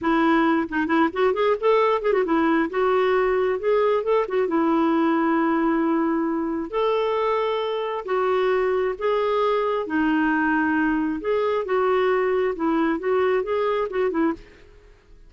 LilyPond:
\new Staff \with { instrumentName = "clarinet" } { \time 4/4 \tempo 4 = 134 e'4. dis'8 e'8 fis'8 gis'8 a'8~ | a'8 gis'16 fis'16 e'4 fis'2 | gis'4 a'8 fis'8 e'2~ | e'2. a'4~ |
a'2 fis'2 | gis'2 dis'2~ | dis'4 gis'4 fis'2 | e'4 fis'4 gis'4 fis'8 e'8 | }